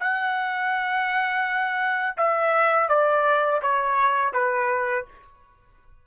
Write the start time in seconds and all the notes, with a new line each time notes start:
0.00 F#5
2.18 E5
2.89 D5
3.62 C#5
4.33 B4